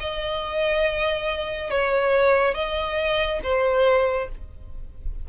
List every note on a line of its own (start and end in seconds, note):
0.00 1.70 D#5
1.70 2.54 C#5
2.54 3.40 D#5
3.43 4.29 C5